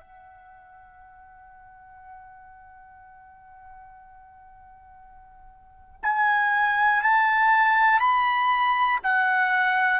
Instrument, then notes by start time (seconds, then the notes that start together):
trumpet
0.00 F#5
6.03 G#5
7.02 A5
8.00 B5
9.03 F#5